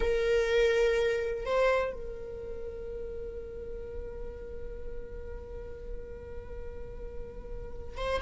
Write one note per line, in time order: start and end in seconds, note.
0.00 1.45 A#4
1.45 1.93 C5
1.93 7.97 A#4
7.97 8.21 C5